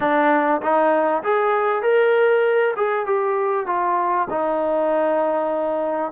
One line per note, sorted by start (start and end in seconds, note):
0.00 0.61 D4
0.61 1.22 D#4
1.23 1.82 G#4
1.82 2.74 A#4
2.76 3.06 G#4
3.06 3.66 G4
3.66 4.27 F4
4.30 6.12 D#4